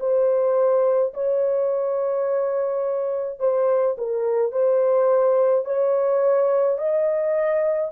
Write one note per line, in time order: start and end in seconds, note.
0.00 1.13 C5
1.14 3.40 C#5
3.40 3.96 C5
3.98 4.52 A#4
4.52 5.66 C5
5.66 6.79 C#5
6.79 7.92 D#5